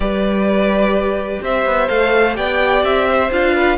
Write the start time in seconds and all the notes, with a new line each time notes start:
0.00 G3 G4 B4 D5
1.42 C4 C5 E5
1.65 B3
1.87 A3 A4 F5
2.34 B3 G4 D5 G5
2.83 C4 E5
3.09 C5
3.31 D4 F4 F5
3.55 B4